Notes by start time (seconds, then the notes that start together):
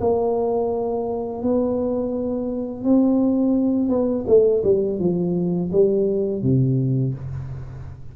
0.00 A#3
1.43 B3
2.84 C4
3.89 B3
4.27 A3
4.64 G3
4.99 F3
5.72 G3
6.43 C3